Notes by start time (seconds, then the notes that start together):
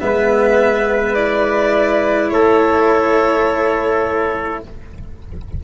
0.00 G#3 B3 B4 E5
1.14 E4 D5
2.30 A3 A4 C#5